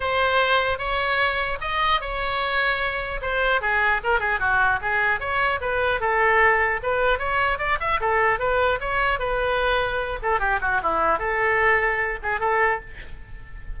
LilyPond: \new Staff \with { instrumentName = "oboe" } { \time 4/4 \tempo 4 = 150 c''2 cis''2 | dis''4 cis''2. | c''4 gis'4 ais'8 gis'8 fis'4 | gis'4 cis''4 b'4 a'4~ |
a'4 b'4 cis''4 d''8 e''8 | a'4 b'4 cis''4 b'4~ | b'4. a'8 g'8 fis'8 e'4 | a'2~ a'8 gis'8 a'4 | }